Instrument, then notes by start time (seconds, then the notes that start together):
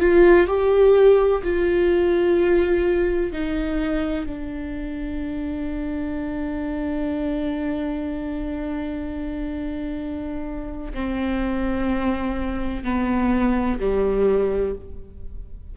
viola
0.00 F4
0.47 G4
1.44 F4
3.32 D#4
4.26 D4
10.94 C4
12.84 B3
13.80 G3